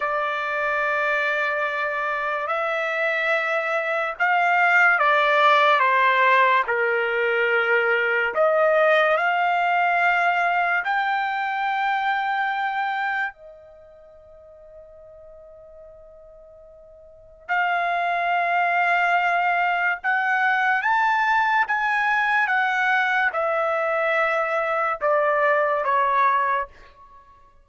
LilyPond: \new Staff \with { instrumentName = "trumpet" } { \time 4/4 \tempo 4 = 72 d''2. e''4~ | e''4 f''4 d''4 c''4 | ais'2 dis''4 f''4~ | f''4 g''2. |
dis''1~ | dis''4 f''2. | fis''4 a''4 gis''4 fis''4 | e''2 d''4 cis''4 | }